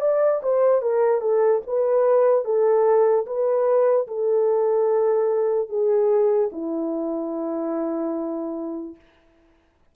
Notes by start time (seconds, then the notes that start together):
0.00 D5
0.42 C5
0.81 A#4
1.21 A4
1.67 B4
2.44 A4
3.26 B4
4.07 A4
5.69 G#4
6.52 E4